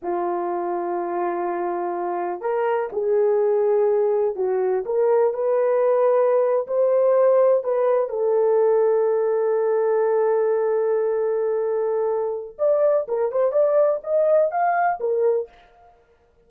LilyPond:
\new Staff \with { instrumentName = "horn" } { \time 4/4 \tempo 4 = 124 f'1~ | f'4 ais'4 gis'2~ | gis'4 fis'4 ais'4 b'4~ | b'4.~ b'16 c''2 b'16~ |
b'8. a'2.~ a'16~ | a'1~ | a'2 d''4 ais'8 c''8 | d''4 dis''4 f''4 ais'4 | }